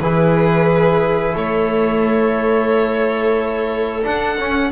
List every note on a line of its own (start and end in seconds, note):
0.00 1.35 E3
0.00 4.03 E4
0.00 1.33 G#4
0.00 1.35 B4
1.33 4.05 A3
1.33 4.70 A4
1.33 4.04 C#5
4.03 4.36 D4
4.03 4.39 D4
4.03 4.71 F#5
4.39 4.71 C#4